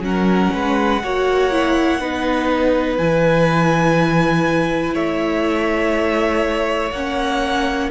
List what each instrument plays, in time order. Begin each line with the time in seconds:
0.00 cello F#3, viola C#4, violin A#4 F#5
0.53 cello G#3, violin B4
1.03 cello A#3, viola F#4, violin C#5
1.51 viola E4
1.99 cello B3, viola D#4, violin B4
2.97 cello E3, viola E4, violin G#5
4.94 cello A3, violin C#5 E5
6.91 cello A#3, viola C#4, violin F#5